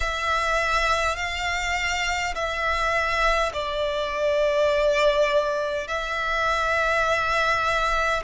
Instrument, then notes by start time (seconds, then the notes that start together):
violin
0.00 E5
1.16 F5
2.34 E5
3.53 D5
5.87 E5